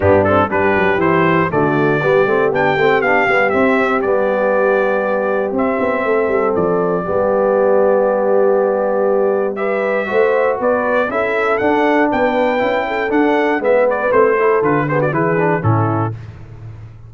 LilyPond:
<<
  \new Staff \with { instrumentName = "trumpet" } { \time 4/4 \tempo 4 = 119 g'8 a'8 b'4 c''4 d''4~ | d''4 g''4 f''4 e''4 | d''2. e''4~ | e''4 d''2.~ |
d''2. e''4~ | e''4 d''4 e''4 fis''4 | g''2 fis''4 e''8 d''8 | c''4 b'8 c''16 d''16 b'4 a'4 | }
  \new Staff \with { instrumentName = "horn" } { \time 4/4 d'4 g'2 fis'4 | g'1~ | g'1 | a'2 g'2~ |
g'2. b'4 | c''4 b'4 a'2 | b'4. a'4. b'4~ | b'8 a'4 gis'16 fis'16 gis'4 e'4 | }
  \new Staff \with { instrumentName = "trombone" } { \time 4/4 b8 c'8 d'4 e'4 a4 | b8 c'8 d'8 c'8 d'8 b8 c'4 | b2. c'4~ | c'2 b2~ |
b2. g'4 | fis'2 e'4 d'4~ | d'4 e'4 d'4 b4 | c'8 e'8 f'8 b8 e'8 d'8 cis'4 | }
  \new Staff \with { instrumentName = "tuba" } { \time 4/4 g,4 g8 fis8 e4 d4 | g8 a8 b8 a8 b8 g8 c'4 | g2. c'8 b8 | a8 g8 f4 g2~ |
g1 | a4 b4 cis'4 d'4 | b4 cis'4 d'4 gis4 | a4 d4 e4 a,4 | }
>>